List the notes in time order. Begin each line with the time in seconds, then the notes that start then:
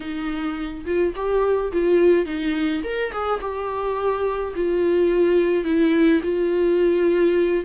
0.00 D#4
0.85 F4
1.15 G4
1.72 F4
2.25 D#4
2.83 A#4
3.11 G#4
3.40 G4
4.55 F4
5.64 E4
6.23 F4